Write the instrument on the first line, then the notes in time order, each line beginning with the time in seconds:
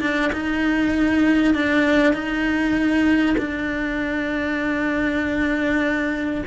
cello
0.00 D4
0.32 D#4
1.54 D4
2.13 D#4
3.38 D4